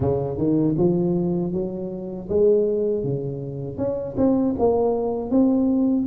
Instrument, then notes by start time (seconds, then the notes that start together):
tuba
0.00 C#3
0.37 D#3
0.77 F3
1.52 F#3
2.29 G#3
3.03 C#3
3.77 C#4
4.17 C4
4.58 A#3
5.30 C4